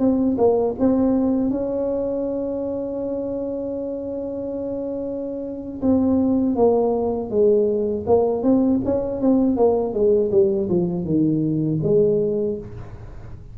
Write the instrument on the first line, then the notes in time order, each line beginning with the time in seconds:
tuba
0.00 C4
0.38 A#3
0.79 C4
1.51 C#4
5.82 C4
6.56 A#3
7.31 G#3
8.07 A#3
8.43 C4
8.85 C#4
9.21 C4
9.57 A#3
9.94 G#3
10.32 G3
10.70 F3
11.05 D#3
11.84 G#3